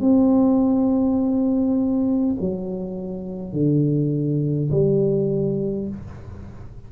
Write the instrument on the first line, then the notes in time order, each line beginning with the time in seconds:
tuba
0.00 C4
2.40 F#3
3.52 D3
4.71 G3